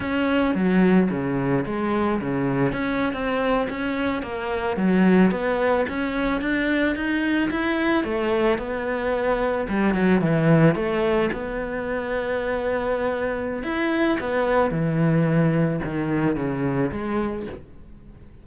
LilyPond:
\new Staff \with { instrumentName = "cello" } { \time 4/4 \tempo 4 = 110 cis'4 fis4 cis4 gis4 | cis4 cis'8. c'4 cis'4 ais16~ | ais8. fis4 b4 cis'4 d'16~ | d'8. dis'4 e'4 a4 b16~ |
b4.~ b16 g8 fis8 e4 a16~ | a8. b2.~ b16~ | b4 e'4 b4 e4~ | e4 dis4 cis4 gis4 | }